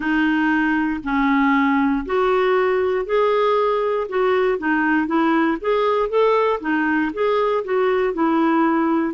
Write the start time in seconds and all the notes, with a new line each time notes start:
0.00 D#4
1.03 C#4
2.05 F#4
3.05 G#4
4.08 F#4
4.58 D#4
5.06 E4
5.60 G#4
6.09 A4
6.60 D#4
7.13 G#4
7.64 F#4
8.14 E4